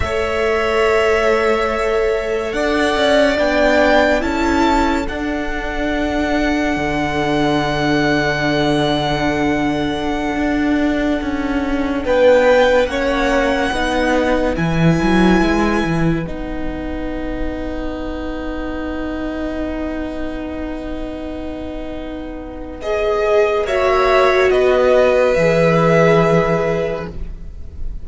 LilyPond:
<<
  \new Staff \with { instrumentName = "violin" } { \time 4/4 \tempo 4 = 71 e''2. fis''4 | g''4 a''4 fis''2~ | fis''1~ | fis''2~ fis''16 g''4 fis''8.~ |
fis''4~ fis''16 gis''2 fis''8.~ | fis''1~ | fis''2. dis''4 | e''4 dis''4 e''2 | }
  \new Staff \with { instrumentName = "violin" } { \time 4/4 cis''2. d''4~ | d''4 a'2.~ | a'1~ | a'2~ a'16 b'4 cis''8.~ |
cis''16 b'2.~ b'8.~ | b'1~ | b'1 | cis''4 b'2. | }
  \new Staff \with { instrumentName = "viola" } { \time 4/4 a'1 | d'4 e'4 d'2~ | d'1~ | d'2.~ d'16 cis'8.~ |
cis'16 dis'4 e'2 dis'8.~ | dis'1~ | dis'2. gis'4 | fis'2 gis'2 | }
  \new Staff \with { instrumentName = "cello" } { \time 4/4 a2. d'8 cis'8 | b4 cis'4 d'2 | d1~ | d16 d'4 cis'4 b4 ais8.~ |
ais16 b4 e8 fis8 gis8 e8 b8.~ | b1~ | b1 | ais4 b4 e2 | }
>>